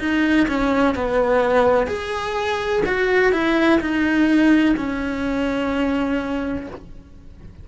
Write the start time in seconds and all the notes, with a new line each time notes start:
0.00 D#4
0.48 C#4
0.96 B3
1.87 G#4
2.86 F#4
3.33 E4
3.81 D#4
4.77 C#4